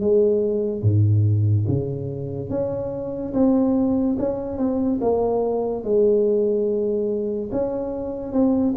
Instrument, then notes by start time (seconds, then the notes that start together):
tuba
0.00 G#3
0.82 G#2
1.67 C#3
2.49 C#4
3.33 C4
4.18 C#4
4.57 C4
5.00 A#3
5.83 G#3
7.52 C#4
8.32 C4